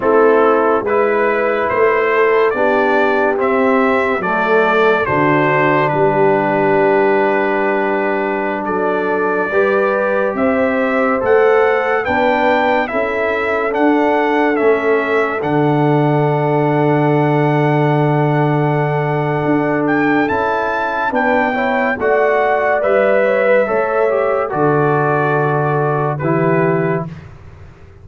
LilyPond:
<<
  \new Staff \with { instrumentName = "trumpet" } { \time 4/4 \tempo 4 = 71 a'4 b'4 c''4 d''4 | e''4 d''4 c''4 b'4~ | b'2~ b'16 d''4.~ d''16~ | d''16 e''4 fis''4 g''4 e''8.~ |
e''16 fis''4 e''4 fis''4.~ fis''16~ | fis''2.~ fis''8 g''8 | a''4 g''4 fis''4 e''4~ | e''4 d''2 b'4 | }
  \new Staff \with { instrumentName = "horn" } { \time 4/4 e'4 b'4. a'8 g'4~ | g'4 a'4 fis'4 g'4~ | g'2~ g'16 a'4 b'8.~ | b'16 c''2 b'4 a'8.~ |
a'1~ | a'1~ | a'4 b'8 cis''8 d''4. cis''16 b'16 | cis''4 a'2 g'4 | }
  \new Staff \with { instrumentName = "trombone" } { \time 4/4 c'4 e'2 d'4 | c'4 a4 d'2~ | d'2.~ d'16 g'8.~ | g'4~ g'16 a'4 d'4 e'8.~ |
e'16 d'4 cis'4 d'4.~ d'16~ | d'1 | e'4 d'8 e'8 fis'4 b'4 | a'8 g'8 fis'2 e'4 | }
  \new Staff \with { instrumentName = "tuba" } { \time 4/4 a4 gis4 a4 b4 | c'4 fis4 d4 g4~ | g2~ g16 fis4 g8.~ | g16 c'4 a4 b4 cis'8.~ |
cis'16 d'4 a4 d4.~ d16~ | d2. d'4 | cis'4 b4 a4 g4 | a4 d2 e4 | }
>>